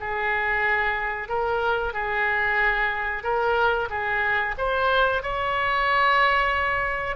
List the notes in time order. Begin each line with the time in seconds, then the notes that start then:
0.00 G#4
1.28 A#4
1.93 G#4
3.23 A#4
3.90 G#4
4.57 C5
5.22 C#5